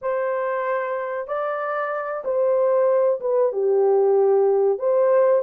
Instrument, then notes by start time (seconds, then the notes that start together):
horn
0.01 C5
1.27 D5
2.24 C5
3.20 B4
3.52 G4
4.78 C5